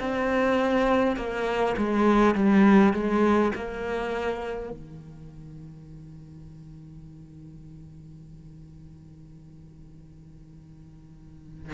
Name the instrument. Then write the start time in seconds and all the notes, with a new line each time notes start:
cello
0.00 C4
1.17 A#3
1.77 G#3
2.35 G3
2.94 G#3
3.55 A#3
4.71 D#3